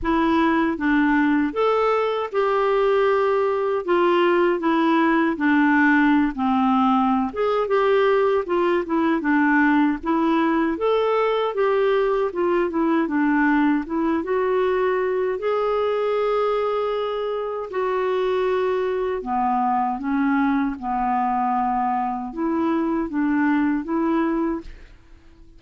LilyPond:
\new Staff \with { instrumentName = "clarinet" } { \time 4/4 \tempo 4 = 78 e'4 d'4 a'4 g'4~ | g'4 f'4 e'4 d'4~ | d'16 c'4~ c'16 gis'8 g'4 f'8 e'8 | d'4 e'4 a'4 g'4 |
f'8 e'8 d'4 e'8 fis'4. | gis'2. fis'4~ | fis'4 b4 cis'4 b4~ | b4 e'4 d'4 e'4 | }